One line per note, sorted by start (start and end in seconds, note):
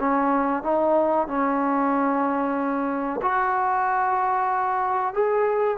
0.00 0.63 C#4
0.63 1.28 D#4
1.28 3.21 C#4
3.22 5.14 F#4
5.14 5.78 G#4